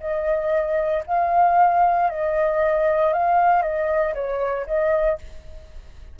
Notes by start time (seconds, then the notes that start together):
0.00 D#5
1.07 F5
2.10 D#5
3.13 F5
3.62 D#5
4.14 C#5
4.66 D#5